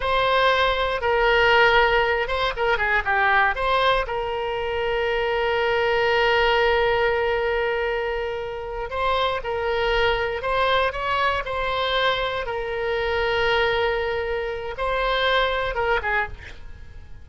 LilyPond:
\new Staff \with { instrumentName = "oboe" } { \time 4/4 \tempo 4 = 118 c''2 ais'2~ | ais'8 c''8 ais'8 gis'8 g'4 c''4 | ais'1~ | ais'1~ |
ais'4. c''4 ais'4.~ | ais'8 c''4 cis''4 c''4.~ | c''8 ais'2.~ ais'8~ | ais'4 c''2 ais'8 gis'8 | }